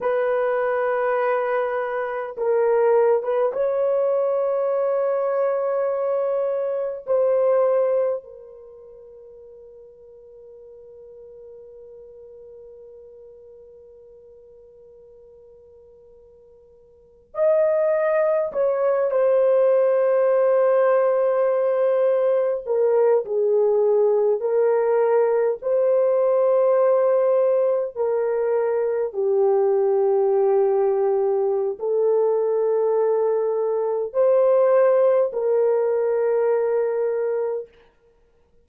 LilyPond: \new Staff \with { instrumentName = "horn" } { \time 4/4 \tempo 4 = 51 b'2 ais'8. b'16 cis''4~ | cis''2 c''4 ais'4~ | ais'1~ | ais'2~ ais'8. dis''4 cis''16~ |
cis''16 c''2. ais'8 gis'16~ | gis'8. ais'4 c''2 ais'16~ | ais'8. g'2~ g'16 a'4~ | a'4 c''4 ais'2 | }